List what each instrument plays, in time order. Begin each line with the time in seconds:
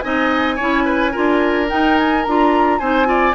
0.00 bassoon C4, clarinet D#4, oboe D#5, flute G#5
0.56 bassoon C#4, clarinet E4, oboe C#5
0.85 oboe B4
1.12 bassoon D4, clarinet F4, oboe A#4
1.68 clarinet D#4, bassoon D#4, flute G5
1.97 flute G#5
2.23 bassoon D4, clarinet F4, flute A#5
2.79 bassoon C4, clarinet D#4, oboe C5, flute G#5
3.05 clarinet F4, oboe D5